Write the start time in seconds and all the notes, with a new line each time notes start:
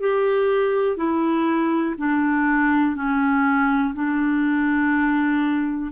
0.00 G4
0.97 E4
1.98 D4
2.96 C#4
3.94 D4